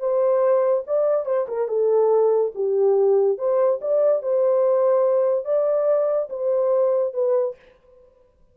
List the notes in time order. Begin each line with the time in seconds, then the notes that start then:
0.00 C5
0.87 D5
1.26 C5
1.49 A#4
1.68 A4
2.55 G4
3.38 C5
3.82 D5
4.23 C5
5.45 D5
6.30 C5
7.14 B4